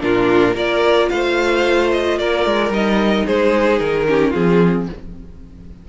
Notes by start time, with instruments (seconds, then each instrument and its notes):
0.00 cello A#2, viola D4, violin F4 A#4
0.54 cello A#3, viola F4, violin A#4 D5
1.09 cello A3, violin C5 F5
1.91 violin D#5
2.18 cello A#3, violin A#4 D5
2.45 cello G#3
2.69 cello G3, viola D#4, violin D#5
3.26 cello G#3, violin G#4 C5
3.79 cello D#3, violin A#4
4.07 viola C#4, violin G4
4.30 cello F3, viola C4, violin F4 G#4